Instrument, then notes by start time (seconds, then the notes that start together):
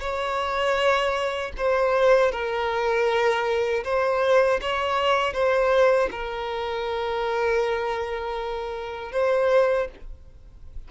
violin
0.00 C#5
1.57 C5
2.31 A#4
3.84 C5
4.61 C#5
5.33 C5
6.11 A#4
9.12 C5